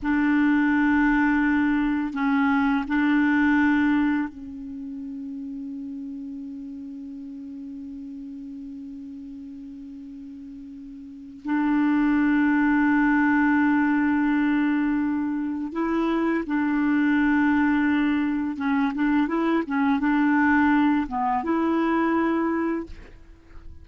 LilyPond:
\new Staff \with { instrumentName = "clarinet" } { \time 4/4 \tempo 4 = 84 d'2. cis'4 | d'2 cis'2~ | cis'1~ | cis'1 |
d'1~ | d'2 e'4 d'4~ | d'2 cis'8 d'8 e'8 cis'8 | d'4. b8 e'2 | }